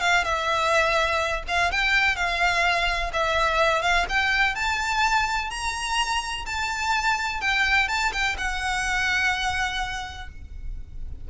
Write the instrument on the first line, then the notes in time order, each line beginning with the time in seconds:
violin
0.00 F5
0.24 E5
1.48 F5
1.71 G5
2.16 F5
3.13 E5
3.82 F5
4.09 G5
4.55 A5
5.50 A#5
6.46 A5
7.41 G5
7.88 A5
8.12 G5
8.38 F#5